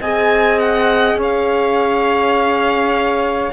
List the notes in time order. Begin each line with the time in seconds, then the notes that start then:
0.00 C4 G#4 D#5 G#5
0.59 F#5
1.14 C#4 C#5
1.22 F5